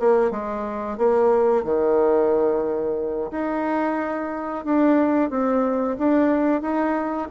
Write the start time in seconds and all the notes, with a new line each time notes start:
0.00 A#3
0.32 G#3
0.98 A#3
1.65 D#3
3.32 D#4
4.65 D4
5.31 C4
5.99 D4
6.62 D#4